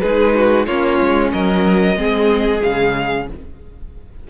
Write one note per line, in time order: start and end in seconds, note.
0.00 0.67 G#3
0.00 0.67 D#4
0.00 0.34 G#4
0.00 0.65 B4
0.35 0.66 F#4
0.65 0.99 A#3
0.65 1.97 C#4
0.65 1.32 F4
0.65 1.31 C#5
1.00 1.33 G#3
1.32 1.96 F#3
1.32 1.98 A#4
1.32 2.62 D#5
1.96 2.61 G#3
1.96 2.60 C4
1.96 3.28 G#4
2.60 3.29 C#3
2.60 3.25 G#3
2.60 3.28 F5